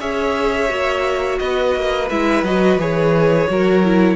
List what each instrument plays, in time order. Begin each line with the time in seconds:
0.00 cello C#4, viola G#4, violin C#5 E5
0.69 cello A#3, viola F#4
1.39 cello B3, violin B4 D#5
1.76 cello A#3
2.10 cello G#3, viola E4, violin E5
2.44 cello F#3, viola F#4, violin D#5
2.78 cello E3, viola G#4, violin C#5
3.48 cello F#3, viola F#4, violin A#4
3.84 viola E4